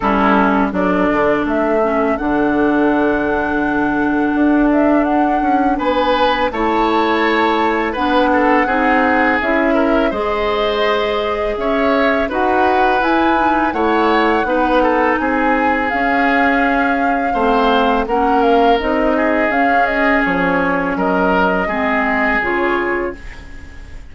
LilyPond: <<
  \new Staff \with { instrumentName = "flute" } { \time 4/4 \tempo 4 = 83 a'4 d''4 e''4 fis''4~ | fis''2~ fis''8 e''8 fis''4 | gis''4 a''2 fis''4~ | fis''4 e''4 dis''2 |
e''4 fis''4 gis''4 fis''4~ | fis''4 gis''4 f''2~ | f''4 fis''8 f''8 dis''4 f''8 dis''8 | cis''4 dis''2 cis''4 | }
  \new Staff \with { instrumentName = "oboe" } { \time 4/4 e'4 a'2.~ | a'1 | b'4 cis''2 b'8 a'8 | gis'4. ais'8 c''2 |
cis''4 b'2 cis''4 | b'8 a'8 gis'2. | c''4 ais'4. gis'4.~ | gis'4 ais'4 gis'2 | }
  \new Staff \with { instrumentName = "clarinet" } { \time 4/4 cis'4 d'4. cis'8 d'4~ | d'1~ | d'4 e'2 d'4 | dis'4 e'4 gis'2~ |
gis'4 fis'4 e'8 dis'8 e'4 | dis'2 cis'2 | c'4 cis'4 dis'4 cis'4~ | cis'2 c'4 f'4 | }
  \new Staff \with { instrumentName = "bassoon" } { \time 4/4 g4 fis8 d8 a4 d4~ | d2 d'4. cis'8 | b4 a2 b4 | c'4 cis'4 gis2 |
cis'4 dis'4 e'4 a4 | b4 c'4 cis'2 | a4 ais4 c'4 cis'4 | f4 fis4 gis4 cis4 | }
>>